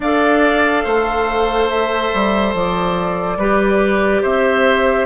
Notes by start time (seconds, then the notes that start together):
0.00 D4 A4 D5 F5
0.84 A3 C5
1.69 E5
2.13 G3
2.54 F3 D5
3.36 G3 G4 B4
4.22 C4 C5 E5